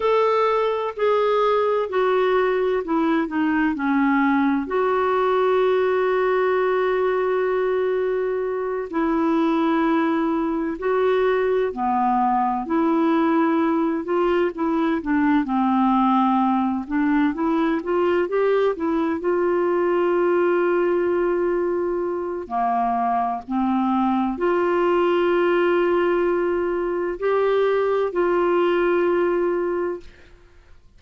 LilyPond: \new Staff \with { instrumentName = "clarinet" } { \time 4/4 \tempo 4 = 64 a'4 gis'4 fis'4 e'8 dis'8 | cis'4 fis'2.~ | fis'4. e'2 fis'8~ | fis'8 b4 e'4. f'8 e'8 |
d'8 c'4. d'8 e'8 f'8 g'8 | e'8 f'2.~ f'8 | ais4 c'4 f'2~ | f'4 g'4 f'2 | }